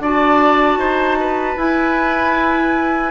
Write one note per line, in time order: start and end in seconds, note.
0.00 0.78 D4
0.00 1.57 F#4
0.00 0.79 D5
0.00 1.59 A5
0.78 1.56 D#4
0.78 1.18 C5
1.21 3.12 B4
1.57 3.12 E4
1.57 3.12 G#5